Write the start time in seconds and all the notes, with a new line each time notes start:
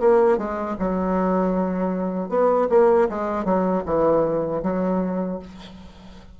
0.00 A#3
0.38 G#3
0.79 F#3
2.29 B3
2.70 A#3
3.09 G#3
3.45 F#3
3.86 E3
4.63 F#3